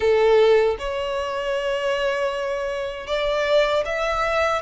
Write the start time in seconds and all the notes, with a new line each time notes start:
0.00 A4
0.78 C#5
3.06 D5
3.85 E5